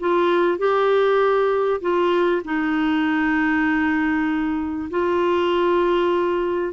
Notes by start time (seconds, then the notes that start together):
0.00 F4
0.58 G4
1.81 F4
2.45 D#4
4.90 F4